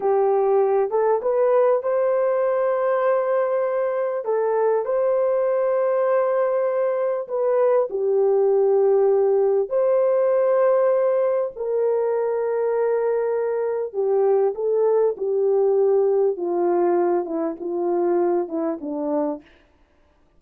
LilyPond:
\new Staff \with { instrumentName = "horn" } { \time 4/4 \tempo 4 = 99 g'4. a'8 b'4 c''4~ | c''2. a'4 | c''1 | b'4 g'2. |
c''2. ais'4~ | ais'2. g'4 | a'4 g'2 f'4~ | f'8 e'8 f'4. e'8 d'4 | }